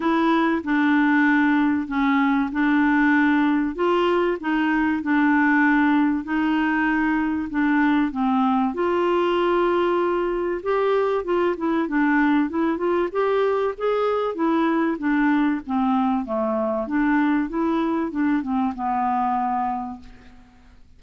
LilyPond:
\new Staff \with { instrumentName = "clarinet" } { \time 4/4 \tempo 4 = 96 e'4 d'2 cis'4 | d'2 f'4 dis'4 | d'2 dis'2 | d'4 c'4 f'2~ |
f'4 g'4 f'8 e'8 d'4 | e'8 f'8 g'4 gis'4 e'4 | d'4 c'4 a4 d'4 | e'4 d'8 c'8 b2 | }